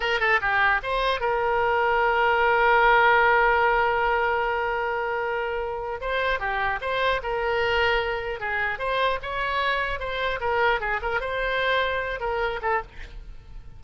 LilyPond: \new Staff \with { instrumentName = "oboe" } { \time 4/4 \tempo 4 = 150 ais'8 a'8 g'4 c''4 ais'4~ | ais'1~ | ais'1~ | ais'2. c''4 |
g'4 c''4 ais'2~ | ais'4 gis'4 c''4 cis''4~ | cis''4 c''4 ais'4 gis'8 ais'8 | c''2~ c''8 ais'4 a'8 | }